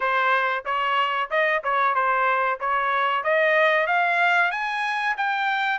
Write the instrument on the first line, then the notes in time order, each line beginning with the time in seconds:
trumpet
0.00 C5
0.65 C#5
1.30 D#5
1.63 C#5
1.94 C5
2.60 C#5
3.23 D#5
3.86 F5
4.51 G#5
5.17 G5